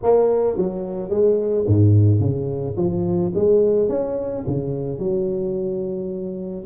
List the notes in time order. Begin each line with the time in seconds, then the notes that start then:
0.02 A#3
0.56 F#3
1.09 G#3
1.67 G#2
2.20 C#3
2.76 F3
3.34 G#3
3.89 C#4
4.46 C#3
4.98 F#3